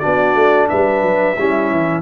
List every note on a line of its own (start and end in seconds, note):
0.00 0.35 B3
0.00 1.36 D4
0.00 0.68 F#4
0.00 0.67 D5
0.35 0.69 A3
0.69 1.03 G3
0.69 1.37 B4
0.69 2.03 E5
1.03 1.36 F#3
1.38 1.71 G3
1.38 2.03 C#4
1.38 2.03 E4
1.71 2.03 E3